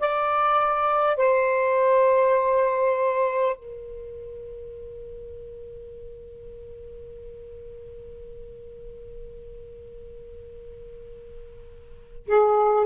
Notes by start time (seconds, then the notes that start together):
0.00 D5
1.17 C5
3.57 A#4
12.28 G#4